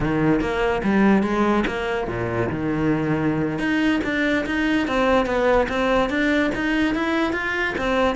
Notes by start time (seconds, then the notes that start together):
0.00 D#3
0.40 A#3
0.83 G3
1.22 G#3
1.66 A#3
2.07 A#2
2.49 D#3
3.58 D#4
4.03 D4
4.46 D#4
4.87 C4
5.26 B3
5.68 C4
6.09 D4
6.54 D#4
6.94 E4
7.33 F4
7.78 C4